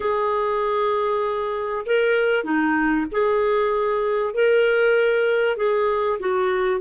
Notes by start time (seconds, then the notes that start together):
0.00 G#4
1.86 A#4
2.43 D#4
3.11 G#4
4.34 A#4
5.56 G#4
6.19 F#4